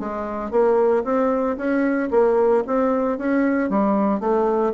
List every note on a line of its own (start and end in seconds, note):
0.00 0.51 G#3
0.51 1.04 A#3
1.05 1.57 C4
1.57 2.10 C#4
2.11 2.64 A#3
2.67 3.18 C4
3.18 3.70 C#4
3.70 4.21 G3
4.21 4.73 A3